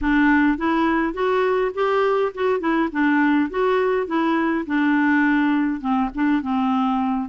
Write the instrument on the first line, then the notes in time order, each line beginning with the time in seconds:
clarinet
0.01 D4
0.57 E4
1.13 F#4
1.74 G4
2.34 F#4
2.60 E4
2.92 D4
3.50 F#4
4.06 E4
4.66 D4
5.80 C4
6.15 D4
6.42 C4